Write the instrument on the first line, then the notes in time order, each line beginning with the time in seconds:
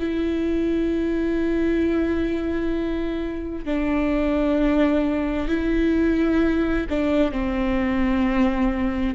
viola
0.00 E4
3.66 D4
5.48 E4
6.90 D4
7.32 C4